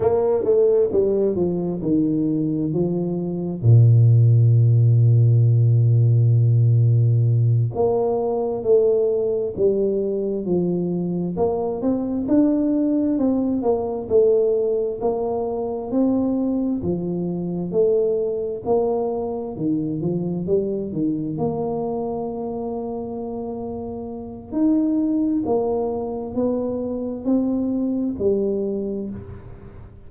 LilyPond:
\new Staff \with { instrumentName = "tuba" } { \time 4/4 \tempo 4 = 66 ais8 a8 g8 f8 dis4 f4 | ais,1~ | ais,8 ais4 a4 g4 f8~ | f8 ais8 c'8 d'4 c'8 ais8 a8~ |
a8 ais4 c'4 f4 a8~ | a8 ais4 dis8 f8 g8 dis8 ais8~ | ais2. dis'4 | ais4 b4 c'4 g4 | }